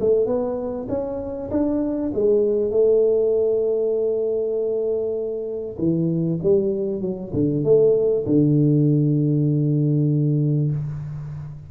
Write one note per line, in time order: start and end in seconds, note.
0.00 0.26 A3
0.26 0.87 B3
0.89 1.50 C#4
1.51 2.12 D4
2.14 2.71 G#3
2.71 5.77 A3
5.79 6.40 E3
6.43 7.01 G3
7.01 7.32 F#3
7.33 7.64 D3
7.64 8.25 A3
8.26 10.71 D3